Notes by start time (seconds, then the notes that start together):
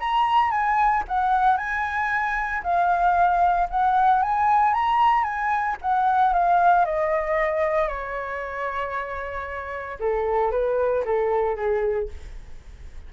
0.00 A#5
0.51 G#5
1.08 F#5
1.57 G#5
2.63 F5
3.70 F#5
4.23 G#5
4.74 A#5
5.24 G#5
5.82 F#5
6.33 F5
6.86 D#5
7.88 C#5
10.00 A4
10.51 B4
11.05 A4
11.56 G#4